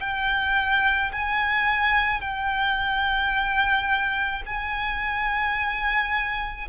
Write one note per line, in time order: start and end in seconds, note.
0.00 1.11 G5
1.12 2.21 G#5
2.21 4.43 G5
4.46 6.68 G#5